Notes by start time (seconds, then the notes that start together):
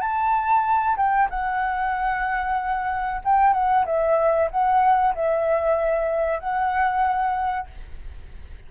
0.00 A5
0.96 G5
1.30 F#5
3.24 G5
3.53 F#5
3.85 E5
4.50 F#5
5.15 E5
6.39 F#5